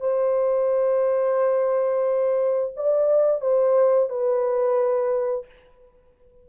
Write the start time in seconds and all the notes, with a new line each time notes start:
0.00 C5
2.76 D5
3.41 C5
4.09 B4